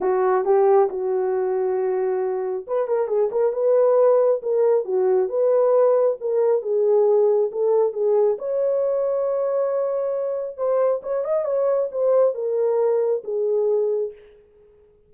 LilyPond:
\new Staff \with { instrumentName = "horn" } { \time 4/4 \tempo 4 = 136 fis'4 g'4 fis'2~ | fis'2 b'8 ais'8 gis'8 ais'8 | b'2 ais'4 fis'4 | b'2 ais'4 gis'4~ |
gis'4 a'4 gis'4 cis''4~ | cis''1 | c''4 cis''8 dis''8 cis''4 c''4 | ais'2 gis'2 | }